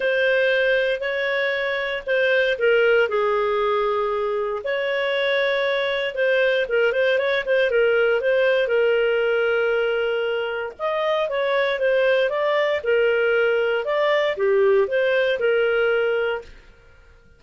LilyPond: \new Staff \with { instrumentName = "clarinet" } { \time 4/4 \tempo 4 = 117 c''2 cis''2 | c''4 ais'4 gis'2~ | gis'4 cis''2. | c''4 ais'8 c''8 cis''8 c''8 ais'4 |
c''4 ais'2.~ | ais'4 dis''4 cis''4 c''4 | d''4 ais'2 d''4 | g'4 c''4 ais'2 | }